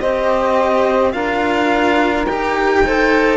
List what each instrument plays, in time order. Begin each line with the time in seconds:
0.00 cello C4 G4, saxophone C5, violin D#5
1.12 cello D4 F4, saxophone A#4, violin F5
2.26 cello D#4 G4, violin G5
2.85 cello A4, saxophone C5